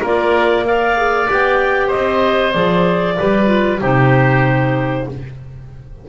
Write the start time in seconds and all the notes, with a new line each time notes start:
0.00 A#3 F4 A#4 D5
0.65 A#4 D5 F5
0.97 G#4
1.27 B3 G4 G5
1.87 C5 D#5
1.95 C4
2.52 F3 G#4 D5
3.17 G3 G4 B4
3.46 F4
3.81 C3 D#4 G4 C5